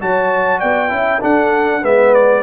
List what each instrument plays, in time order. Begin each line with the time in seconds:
0.00 tuba F#3, trombone F#4, horn C#5, trumpet A5
0.59 tuba B3, horn D5, trumpet G5
0.89 tuba C#4, trombone E4
0.96 horn E5
1.21 trombone D4, tuba D4, horn A4, trumpet F#5
1.81 tuba G#3, trombone B3, horn B4, trumpet E5
2.14 trumpet D5